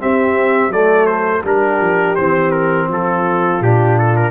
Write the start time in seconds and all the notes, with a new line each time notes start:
0.00 C4 G4 E5
0.68 F#3 A4 D5
0.74 A3
1.06 C5
1.44 G3 D4 G4 A#4
1.80 F3
2.16 E3 C4 C5
2.51 A#4
2.88 F3 F4 A4
3.61 A#2 D4 G4
3.99 A4
4.16 A#4